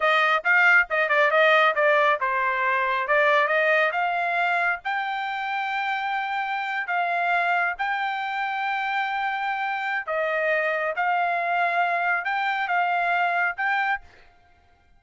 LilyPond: \new Staff \with { instrumentName = "trumpet" } { \time 4/4 \tempo 4 = 137 dis''4 f''4 dis''8 d''8 dis''4 | d''4 c''2 d''4 | dis''4 f''2 g''4~ | g''2.~ g''8. f''16~ |
f''4.~ f''16 g''2~ g''16~ | g''2. dis''4~ | dis''4 f''2. | g''4 f''2 g''4 | }